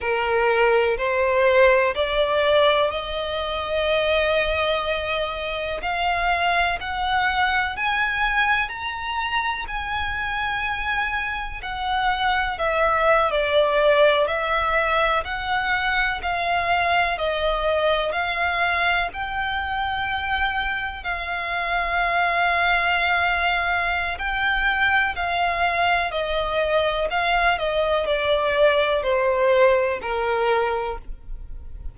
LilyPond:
\new Staff \with { instrumentName = "violin" } { \time 4/4 \tempo 4 = 62 ais'4 c''4 d''4 dis''4~ | dis''2 f''4 fis''4 | gis''4 ais''4 gis''2 | fis''4 e''8. d''4 e''4 fis''16~ |
fis''8. f''4 dis''4 f''4 g''16~ | g''4.~ g''16 f''2~ f''16~ | f''4 g''4 f''4 dis''4 | f''8 dis''8 d''4 c''4 ais'4 | }